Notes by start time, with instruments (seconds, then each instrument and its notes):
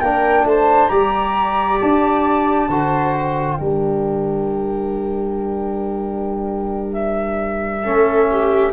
0.00 tuba A#3, trombone D4, viola A#4, flute G5
0.44 tuba A3, viola C5, flute A5
0.88 tuba G3, trombone G4, viola D5, flute A#5
1.80 tuba D4, flute A5
2.68 tuba D3, trombone F#4, viola C5
3.13 flute G5
3.58 tuba G3, trombone D4, viola A#4
6.93 flute E5
7.83 tuba A3, trombone C#4, viola A4
8.31 viola G4